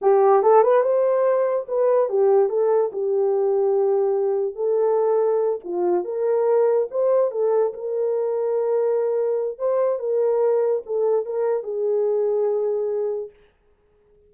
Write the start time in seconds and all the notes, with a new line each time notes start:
0.01 G4
0.43 A4
0.62 B4
0.82 C5
1.68 B4
2.09 G4
2.49 A4
2.92 G4
4.55 A4
5.64 F4
6.04 A#4
6.90 C5
7.31 A4
7.73 A#4
9.58 C5
9.99 A#4
10.86 A4
11.25 A#4
11.63 G#4